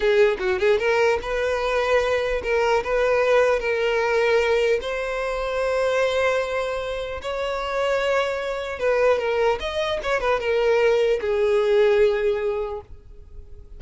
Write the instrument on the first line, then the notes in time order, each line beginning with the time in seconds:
violin
0.00 G#4
0.39 F#4
0.59 G#4
0.78 A#4
1.22 B4
2.43 A#4
2.83 B4
3.59 A#4
4.81 C5
7.21 C#5
8.79 B4
9.19 A#4
9.59 D#5
10.03 C#5
10.20 B4
10.39 A#4
11.21 G#4